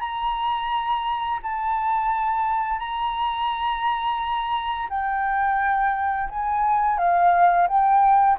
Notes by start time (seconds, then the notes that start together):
0.00 A#5
1.42 A5
2.79 A#5
4.89 G5
6.29 G#5
6.97 F5
7.67 G5